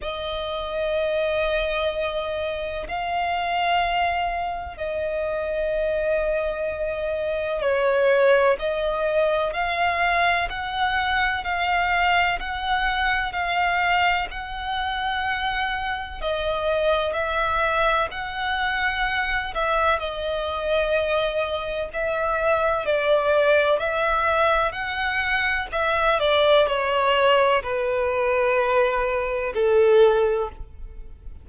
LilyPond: \new Staff \with { instrumentName = "violin" } { \time 4/4 \tempo 4 = 63 dis''2. f''4~ | f''4 dis''2. | cis''4 dis''4 f''4 fis''4 | f''4 fis''4 f''4 fis''4~ |
fis''4 dis''4 e''4 fis''4~ | fis''8 e''8 dis''2 e''4 | d''4 e''4 fis''4 e''8 d''8 | cis''4 b'2 a'4 | }